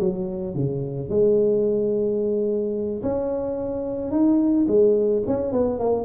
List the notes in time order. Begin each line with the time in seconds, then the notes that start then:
0.00 F#3
0.55 C#3
1.10 G#3
3.03 C#4
4.11 D#4
4.68 G#3
5.27 C#4
5.52 B3
5.79 A#3